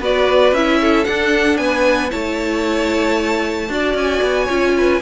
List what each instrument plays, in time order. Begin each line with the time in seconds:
0.00 cello B3, viola F#4, violin B4 D5
0.52 cello C#4, viola E4, violin E5
0.81 violin A4
1.05 viola D4, cello D4, violin F#5
1.58 cello B3, violin B4 G#5
2.10 cello A3, viola E4, violin C#5 A5
3.70 cello D4, viola F#4, violin D5
3.94 cello C#4, violin G#5
4.23 cello B3
4.45 cello C#4, viola F4, violin C#5
4.78 violin B4